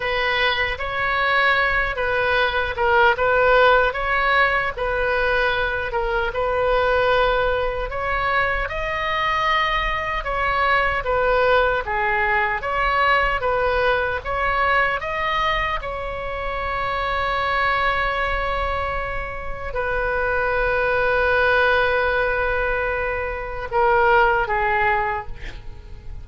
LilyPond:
\new Staff \with { instrumentName = "oboe" } { \time 4/4 \tempo 4 = 76 b'4 cis''4. b'4 ais'8 | b'4 cis''4 b'4. ais'8 | b'2 cis''4 dis''4~ | dis''4 cis''4 b'4 gis'4 |
cis''4 b'4 cis''4 dis''4 | cis''1~ | cis''4 b'2.~ | b'2 ais'4 gis'4 | }